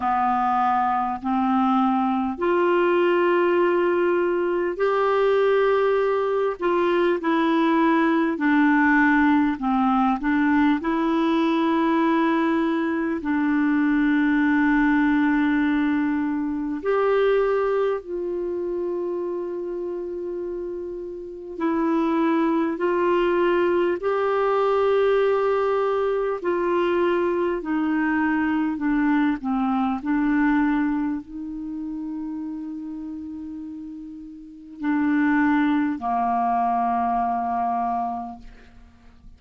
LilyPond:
\new Staff \with { instrumentName = "clarinet" } { \time 4/4 \tempo 4 = 50 b4 c'4 f'2 | g'4. f'8 e'4 d'4 | c'8 d'8 e'2 d'4~ | d'2 g'4 f'4~ |
f'2 e'4 f'4 | g'2 f'4 dis'4 | d'8 c'8 d'4 dis'2~ | dis'4 d'4 ais2 | }